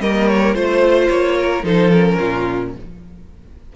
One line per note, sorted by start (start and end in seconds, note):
0.00 0.54 G3
0.00 0.55 A#3
0.00 0.56 A#4
0.00 0.28 D#5
0.28 0.54 C#5
0.54 1.09 A3
0.54 1.64 F4
0.54 1.08 C5
0.54 1.37 C5
1.08 1.63 A#3
1.08 1.63 C#5
1.39 1.65 A#4
1.63 2.18 F3
1.63 1.91 D#4
1.63 2.18 A4
1.63 1.91 C5
1.91 2.75 C#4
1.91 2.73 A#4
2.18 2.76 A#2
2.18 2.73 F4